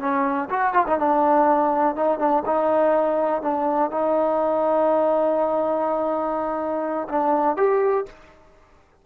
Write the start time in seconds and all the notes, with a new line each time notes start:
0.00 C#4
0.50 F#4
0.74 F4
0.87 D#4
0.98 D4
1.96 D#4
2.19 D4
2.45 D#4
3.42 D4
3.91 D#4
7.09 D4
7.57 G4